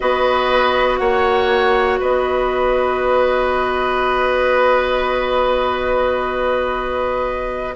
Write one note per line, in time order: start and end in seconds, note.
0.00 1.00 B3
0.00 7.74 F#4
0.00 1.00 B4
0.00 0.97 D#5
0.97 2.00 A#3
0.97 1.99 C#5
0.97 1.97 F#5
1.99 7.76 B3
1.99 7.74 B4
1.99 7.76 D#5